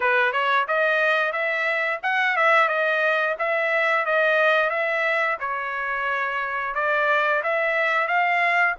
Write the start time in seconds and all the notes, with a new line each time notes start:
0.00 B4
0.32 C#5
0.67 D#5
1.32 E5
2.02 F#5
2.36 E5
2.68 D#5
3.39 E5
4.05 D#5
4.69 E5
5.39 C#5
6.74 D5
7.43 E5
8.07 F5